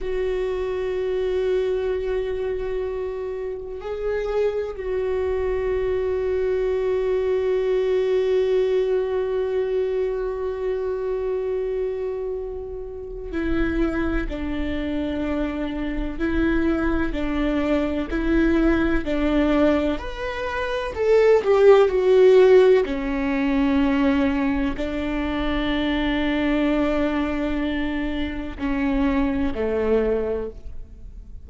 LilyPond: \new Staff \with { instrumentName = "viola" } { \time 4/4 \tempo 4 = 63 fis'1 | gis'4 fis'2.~ | fis'1~ | fis'2 e'4 d'4~ |
d'4 e'4 d'4 e'4 | d'4 b'4 a'8 g'8 fis'4 | cis'2 d'2~ | d'2 cis'4 a4 | }